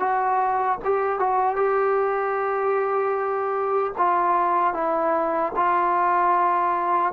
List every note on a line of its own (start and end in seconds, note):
0.00 0.79 F#4
0.85 1.20 G4
1.20 1.56 F#4
1.56 3.93 G4
3.98 4.74 F4
4.74 5.53 E4
5.57 7.13 F4